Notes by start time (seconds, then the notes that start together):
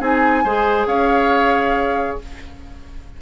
0.00 C4 D#4 G#4 G#5
0.44 G#3 G#4 C5
0.86 C#4 C#5 F5